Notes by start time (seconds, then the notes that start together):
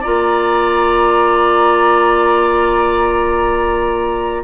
0.00 A#3 F4 D5 A#5